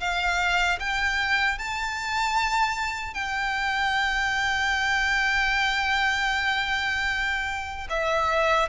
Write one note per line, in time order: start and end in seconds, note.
0.00 0.79 F5
0.80 1.59 G5
1.59 3.14 A5
3.14 7.88 G5
7.90 8.69 E5